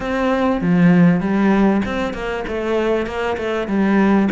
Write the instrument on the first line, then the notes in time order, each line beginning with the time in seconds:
cello
0.00 C4
0.61 F3
1.20 G3
1.85 C4
2.13 A#3
2.47 A3
3.06 A#3
3.37 A3
3.67 G3